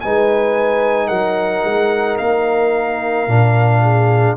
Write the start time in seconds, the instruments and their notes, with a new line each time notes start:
0.00 tuba G#3, trombone D#4, horn B4, trumpet G#5
1.07 tuba F#3, horn A#4, trumpet F#5
1.64 tuba G#3
2.17 tuba A#3, trumpet F5
3.27 tuba A#2, trombone D4
3.81 horn G#4